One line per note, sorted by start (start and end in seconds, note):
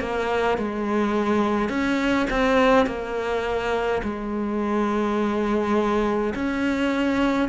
0.00 0.58 A#3
0.58 1.69 G#3
1.69 2.27 C#4
2.30 2.86 C4
2.86 4.02 A#3
4.03 6.34 G#3
6.35 7.49 C#4